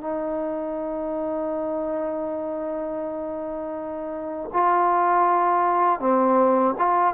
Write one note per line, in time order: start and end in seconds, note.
0.00 4.50 D#4
4.53 6.00 F4
6.00 6.75 C4
6.78 7.14 F4